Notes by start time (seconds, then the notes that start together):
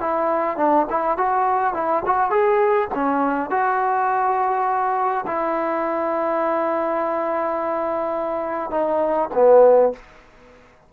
0.00 E4
0.57 D4
0.90 E4
1.17 F#4
1.74 E4
2.06 F#4
2.30 G#4
2.94 C#4
3.50 F#4
5.27 E4
8.71 D#4
9.34 B3